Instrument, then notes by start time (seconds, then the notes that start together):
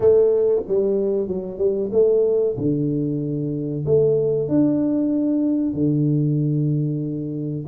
tuba
0.00 A3
0.67 G3
1.27 F#3
1.58 G3
1.91 A3
2.57 D3
3.85 A3
4.48 D4
5.73 D3